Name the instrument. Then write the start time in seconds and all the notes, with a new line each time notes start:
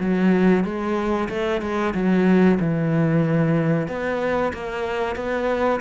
cello
0.00 F#3
0.64 G#3
1.29 A3
1.62 G#3
1.94 F#3
2.60 E3
3.88 B3
4.54 A#3
5.16 B3